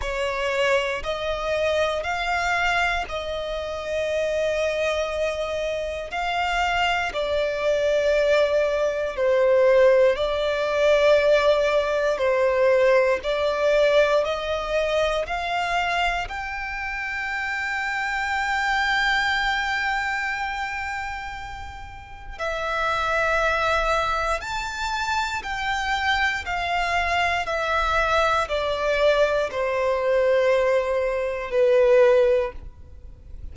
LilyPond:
\new Staff \with { instrumentName = "violin" } { \time 4/4 \tempo 4 = 59 cis''4 dis''4 f''4 dis''4~ | dis''2 f''4 d''4~ | d''4 c''4 d''2 | c''4 d''4 dis''4 f''4 |
g''1~ | g''2 e''2 | a''4 g''4 f''4 e''4 | d''4 c''2 b'4 | }